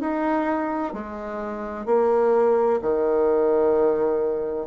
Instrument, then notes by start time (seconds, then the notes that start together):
bassoon
0.00 D#4
0.93 G#3
1.86 A#3
2.82 D#3